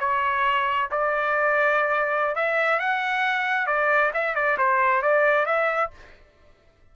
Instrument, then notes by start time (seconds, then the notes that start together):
trumpet
0.00 C#5
0.91 D5
2.35 E5
2.79 F#5
3.67 D5
4.14 E5
4.35 D5
4.58 C5
5.02 D5
5.46 E5